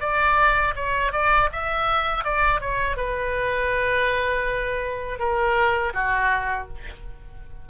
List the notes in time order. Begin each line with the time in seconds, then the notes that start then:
0.00 D5
0.75 C#5
1.12 D5
1.52 E5
2.24 D5
2.60 C#5
2.97 B4
5.19 A#4
5.94 F#4